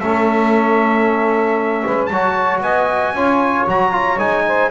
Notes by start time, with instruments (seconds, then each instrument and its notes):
0.00 double bass A3, trombone C#4, saxophone A4, trumpet E5
1.86 double bass G#3, saxophone B4
2.06 double bass F#3, saxophone C#5, trumpet A5
2.14 trombone F#4
2.61 double bass B3, saxophone D#5, trumpet G#5
3.13 double bass C#4, trombone F4, saxophone C#5
3.67 double bass F#3, trombone F#4, trumpet A#5
3.92 trombone F4
4.19 double bass G#3, trombone D#4, trumpet G#5
4.47 saxophone C5